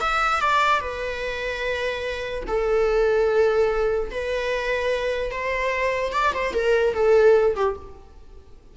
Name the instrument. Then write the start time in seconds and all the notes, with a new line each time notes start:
viola
0.00 E5
0.40 D5
0.80 B4
2.47 A4
4.11 B4
5.31 C5
6.12 D5
6.34 C5
6.53 A#4
6.94 A4
7.55 G4